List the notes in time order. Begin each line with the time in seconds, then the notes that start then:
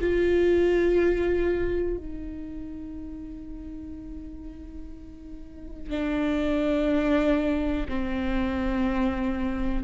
0.00 F4
1.97 D#4
5.90 D4
7.88 C4